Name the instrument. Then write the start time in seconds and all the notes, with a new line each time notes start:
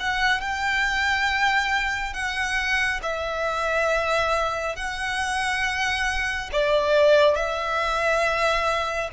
violin
0.00 F#5
0.41 G5
2.13 F#5
3.03 E5
4.76 F#5
6.52 D5
7.36 E5